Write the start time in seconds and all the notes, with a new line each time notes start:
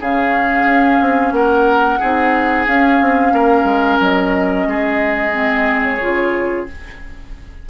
0.00 C#3 C#4 G#4 F5
0.65 C#4
1.01 C4
1.32 A#3 A#4 F#5
2.00 C4 D#4 G#4
2.67 C#4 F5
3.01 C4
3.32 A#3 A#4
3.64 G#3
4.01 F#3 D#5
4.67 G#3 G#4
5.32 C4
5.83 C#5
6.01 C#3 F4